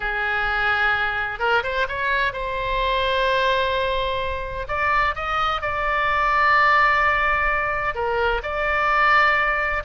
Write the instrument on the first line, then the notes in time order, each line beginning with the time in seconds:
oboe
0.00 G#4
1.39 A#4
1.63 C5
1.88 C#5
2.32 C5
4.68 D5
5.15 D#5
5.61 D5
7.95 A#4
8.42 D5